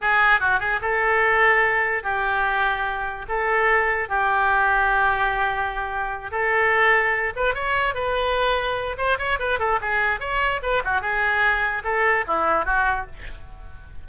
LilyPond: \new Staff \with { instrumentName = "oboe" } { \time 4/4 \tempo 4 = 147 gis'4 fis'8 gis'8 a'2~ | a'4 g'2. | a'2 g'2~ | g'2.~ g'8 a'8~ |
a'2 b'8 cis''4 b'8~ | b'2 c''8 cis''8 b'8 a'8 | gis'4 cis''4 b'8 fis'8 gis'4~ | gis'4 a'4 e'4 fis'4 | }